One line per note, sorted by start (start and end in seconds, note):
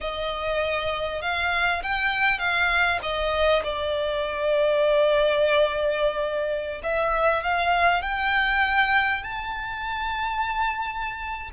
0.01 1.21 D#5
1.21 1.82 F5
1.82 2.38 G5
2.38 2.99 F5
3.02 3.63 D#5
3.63 6.81 D5
6.83 7.43 E5
7.43 8.02 F5
8.02 9.23 G5
9.23 11.50 A5